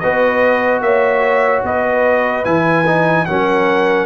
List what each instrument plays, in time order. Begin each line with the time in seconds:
0.00 tuba B3, trombone F#4, horn B4, trumpet D#5
0.81 tuba A#3, horn C#5, trumpet E5
1.64 tuba B3, horn B4, trumpet D#5
2.45 tuba E3, trombone E4, trumpet G#5
2.87 trombone D#4
3.26 tuba F#3, trombone C#4, horn A#4, trumpet F#5